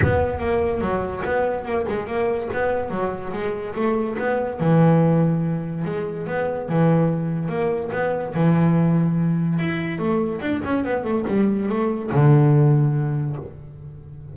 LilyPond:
\new Staff \with { instrumentName = "double bass" } { \time 4/4 \tempo 4 = 144 b4 ais4 fis4 b4 | ais8 gis8 ais4 b4 fis4 | gis4 a4 b4 e4~ | e2 gis4 b4 |
e2 ais4 b4 | e2. e'4 | a4 d'8 cis'8 b8 a8 g4 | a4 d2. | }